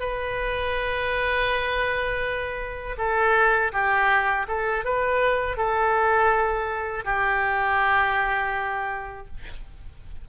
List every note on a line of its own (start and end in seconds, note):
0.00 2.96 B4
2.98 3.72 A4
3.73 4.47 G4
4.48 4.85 A4
4.85 5.57 B4
5.57 7.05 A4
7.05 9.27 G4